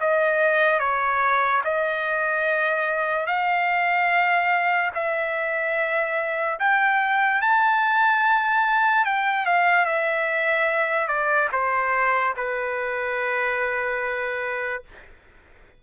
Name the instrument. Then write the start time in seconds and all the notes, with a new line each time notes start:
trumpet
0.00 D#5
0.80 C#5
1.64 D#5
3.27 F5
4.95 E5
6.59 G5
7.42 A5
9.05 G5
9.46 F5
9.85 E5
11.07 D5
11.52 C5
12.37 B4